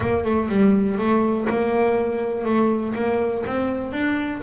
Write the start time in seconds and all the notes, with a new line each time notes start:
0.00 A#3
0.24 A3
0.49 G3
0.97 A3
1.49 A#3
2.44 A3
2.95 A#3
3.46 C4
3.92 D4